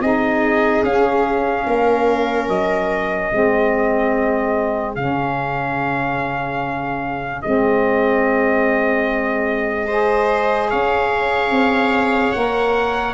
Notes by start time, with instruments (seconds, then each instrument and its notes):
0.00 tuba C4, saxophone D#4, viola G#4, trumpet D#5
0.83 tuba C#4, saxophone C#4, trumpet F5
1.66 tuba A#3, viola A#4
2.48 tuba F#3, trumpet D#5
3.31 tuba G#3, saxophone C4, viola G#4
4.95 tuba C#3, saxophone C#4, trumpet F5
7.42 tuba G#3, saxophone C4, trumpet D#5
9.87 saxophone G#4, viola C5
10.70 tuba C#4, viola C#5, trumpet F5
11.50 tuba C4
12.32 tuba A#3, saxophone A#4, trumpet F#5